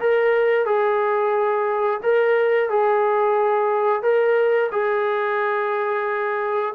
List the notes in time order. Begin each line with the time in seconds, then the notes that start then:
0.00 A#4
0.66 G#4
2.03 A#4
2.70 G#4
4.03 A#4
4.72 G#4